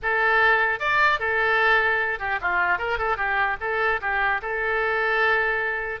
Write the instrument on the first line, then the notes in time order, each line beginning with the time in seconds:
oboe
0.02 A4
0.79 D5
1.19 A4
2.19 G4
2.41 F4
2.78 A#4
2.98 A4
3.16 G4
3.60 A4
4.01 G4
4.41 A4